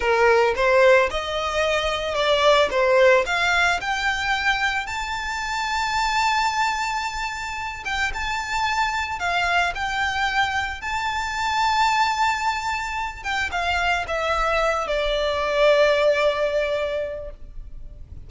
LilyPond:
\new Staff \with { instrumentName = "violin" } { \time 4/4 \tempo 4 = 111 ais'4 c''4 dis''2 | d''4 c''4 f''4 g''4~ | g''4 a''2.~ | a''2~ a''8 g''8 a''4~ |
a''4 f''4 g''2 | a''1~ | a''8 g''8 f''4 e''4. d''8~ | d''1 | }